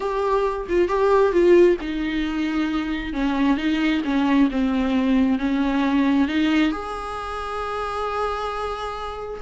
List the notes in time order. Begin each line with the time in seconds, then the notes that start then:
0.00 G4
0.68 F4
0.88 G4
1.32 F4
1.80 D#4
3.13 C#4
3.57 D#4
4.04 C#4
4.50 C4
5.39 C#4
6.28 D#4
6.71 G#4